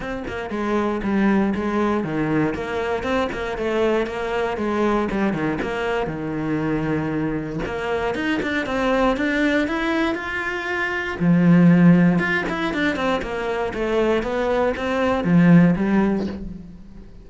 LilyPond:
\new Staff \with { instrumentName = "cello" } { \time 4/4 \tempo 4 = 118 c'8 ais8 gis4 g4 gis4 | dis4 ais4 c'8 ais8 a4 | ais4 gis4 g8 dis8 ais4 | dis2. ais4 |
dis'8 d'8 c'4 d'4 e'4 | f'2 f2 | f'8 e'8 d'8 c'8 ais4 a4 | b4 c'4 f4 g4 | }